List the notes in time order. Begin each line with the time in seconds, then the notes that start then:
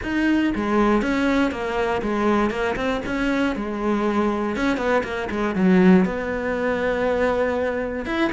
0.02 D#4
0.55 G#3
1.02 C#4
1.51 A#3
2.01 G#3
2.50 A#3
2.75 C4
3.05 C#4
3.55 G#3
4.56 C#4
4.77 B3
5.03 A#3
5.30 G#3
5.55 F#3
6.05 B3
8.05 E4